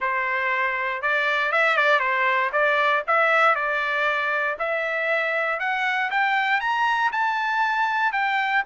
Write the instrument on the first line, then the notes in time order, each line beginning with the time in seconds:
trumpet
0.00 C5
1.01 D5
1.52 E5
1.77 D5
1.99 C5
2.52 D5
3.07 E5
3.55 D5
4.59 E5
5.59 F#5
6.10 G5
6.60 A#5
7.12 A5
8.12 G5